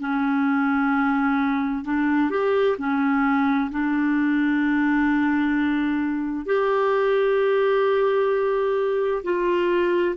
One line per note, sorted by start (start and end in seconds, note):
0.00 1.84 C#4
1.84 2.30 D4
2.30 2.76 G4
2.78 3.70 C#4
3.71 6.45 D4
6.45 9.22 G4
9.23 10.15 F4